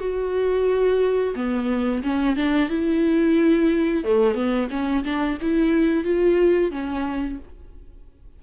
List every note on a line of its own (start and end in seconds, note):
0.00 1.35 F#4
1.35 2.03 B3
2.03 2.36 C#4
2.36 2.69 D4
2.69 4.04 E4
4.04 4.35 A3
4.35 4.69 B3
4.70 5.04 C#4
5.04 5.38 D4
5.41 6.04 E4
6.04 6.71 F4
6.71 7.39 C#4